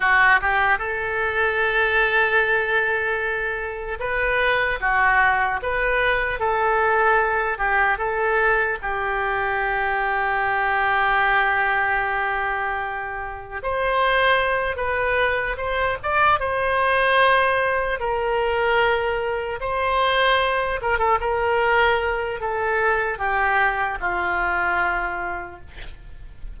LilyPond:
\new Staff \with { instrumentName = "oboe" } { \time 4/4 \tempo 4 = 75 fis'8 g'8 a'2.~ | a'4 b'4 fis'4 b'4 | a'4. g'8 a'4 g'4~ | g'1~ |
g'4 c''4. b'4 c''8 | d''8 c''2 ais'4.~ | ais'8 c''4. ais'16 a'16 ais'4. | a'4 g'4 f'2 | }